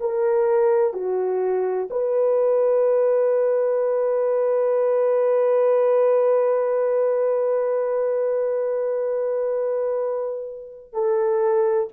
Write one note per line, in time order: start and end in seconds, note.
0.00 0.94 A#4
0.94 1.89 F#4
1.90 10.93 B4
10.93 11.88 A4